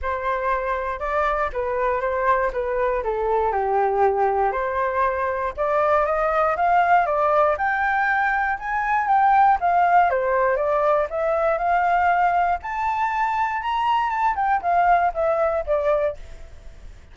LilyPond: \new Staff \with { instrumentName = "flute" } { \time 4/4 \tempo 4 = 119 c''2 d''4 b'4 | c''4 b'4 a'4 g'4~ | g'4 c''2 d''4 | dis''4 f''4 d''4 g''4~ |
g''4 gis''4 g''4 f''4 | c''4 d''4 e''4 f''4~ | f''4 a''2 ais''4 | a''8 g''8 f''4 e''4 d''4 | }